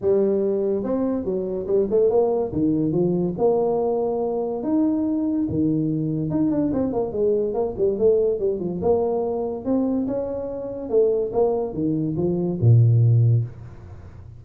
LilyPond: \new Staff \with { instrumentName = "tuba" } { \time 4/4 \tempo 4 = 143 g2 c'4 fis4 | g8 a8 ais4 dis4 f4 | ais2. dis'4~ | dis'4 dis2 dis'8 d'8 |
c'8 ais8 gis4 ais8 g8 a4 | g8 f8 ais2 c'4 | cis'2 a4 ais4 | dis4 f4 ais,2 | }